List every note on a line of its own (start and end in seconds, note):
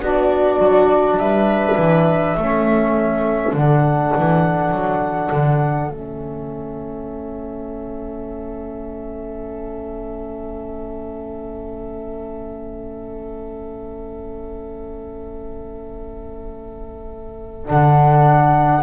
0.00 0.59 B3
0.00 2.38 D4
0.00 1.20 F#4
0.00 1.18 D5
0.59 1.17 F#3
1.17 1.75 G3
1.17 2.38 B4
1.17 3.53 E5
1.77 2.36 E3
2.37 3.53 A3
2.37 3.56 C#4
2.37 18.83 A4
3.53 4.12 D3
3.53 5.91 D4
3.53 5.91 F#5
4.17 4.71 E3
4.71 5.30 F#3
5.32 5.88 D3
5.88 17.65 A3
5.88 17.64 C#4
5.88 17.67 E5
17.64 18.83 D3
17.64 18.82 D4
17.64 18.83 F#5